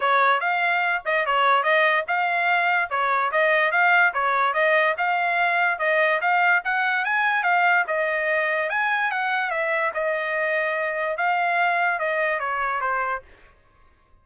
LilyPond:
\new Staff \with { instrumentName = "trumpet" } { \time 4/4 \tempo 4 = 145 cis''4 f''4. dis''8 cis''4 | dis''4 f''2 cis''4 | dis''4 f''4 cis''4 dis''4 | f''2 dis''4 f''4 |
fis''4 gis''4 f''4 dis''4~ | dis''4 gis''4 fis''4 e''4 | dis''2. f''4~ | f''4 dis''4 cis''4 c''4 | }